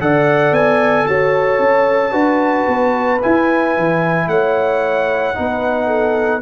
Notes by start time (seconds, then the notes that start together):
0.00 D3 A4 D5 F#5
0.51 B3 G#5
1.06 F#4 C#5 A5
1.59 C#4
2.11 D4 F#4 B4
2.67 B3
3.22 E4 G#5
3.77 E3
4.27 A3 C#5 F#5
5.34 B3 D#4 B4
5.86 A4